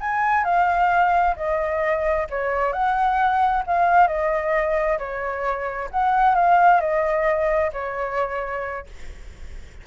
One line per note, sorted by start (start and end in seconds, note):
0.00 0.44 G#5
0.44 1.35 F5
1.36 2.27 D#5
2.30 2.72 C#5
2.72 3.63 F#5
3.66 4.07 F5
4.07 4.98 D#5
4.98 5.89 C#5
5.91 6.35 F#5
6.35 6.80 F5
6.80 7.71 D#5
7.73 8.86 C#5